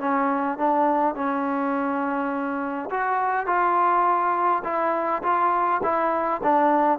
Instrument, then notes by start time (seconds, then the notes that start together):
trombone
0.00 C#4
0.58 D4
1.15 C#4
2.91 F#4
3.47 F4
4.64 E4
5.23 F4
5.83 E4
6.44 D4